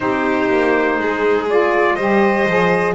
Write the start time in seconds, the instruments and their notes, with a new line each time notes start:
0.00 double bass C4, saxophone D#4, violin G4, trumpet C5
0.49 double bass A#3
0.98 double bass G#3, violin G#4
1.49 saxophone F4, trumpet D5
1.95 double bass G3, saxophone G4, violin C5, trumpet D#5
2.47 double bass F3, saxophone G#4